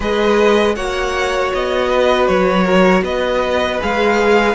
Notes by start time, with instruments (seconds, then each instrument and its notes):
0.00 cello G#3, viola G#4, violin B4 D#5
0.75 cello A#3, viola F#4, violin C#5 F#5
1.53 cello B3, violin D#5
1.88 violin B4
2.27 cello F#3, violin C#5
2.63 violin A#4
3.02 cello B3, violin B4 D#5
3.80 cello G#3, viola G#4, violin F5